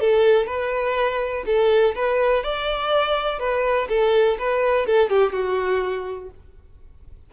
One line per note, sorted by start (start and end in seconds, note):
0.00 0.47 A4
0.47 1.44 B4
1.46 1.95 A4
1.95 2.44 B4
2.44 3.39 D5
3.39 3.88 B4
3.89 4.38 A4
4.39 4.86 B4
4.86 5.10 A4
5.10 5.32 G4
5.32 6.30 F#4